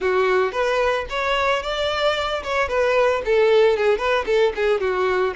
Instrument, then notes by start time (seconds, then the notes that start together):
violin
0.00 F#4
0.52 B4
1.09 C#5
1.62 D5
2.43 C#5
2.68 B4
3.25 A4
3.76 G#4
3.98 B4
4.26 A4
4.55 G#4
4.80 F#4